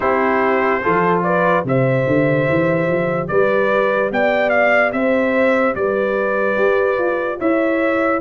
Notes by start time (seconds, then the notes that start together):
0.00 C4 E4 G4 C5
0.82 F3 F4 A4
1.23 B4 D5
1.64 C3 G4 C5 E5
2.07 D3
2.49 E3
2.87 F3
3.27 G3 B4 D5
4.11 B3 D5 G5
4.49 F5
4.92 C4 C5 E5
5.75 G3 B4 D5
6.57 G4
6.98 F4
7.38 E4 C#5 E5